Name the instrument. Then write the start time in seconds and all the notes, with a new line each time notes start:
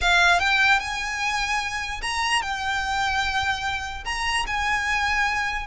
violin
0.01 F5
0.39 G5
0.79 G#5
2.01 A#5
2.42 G5
4.04 A#5
4.46 G#5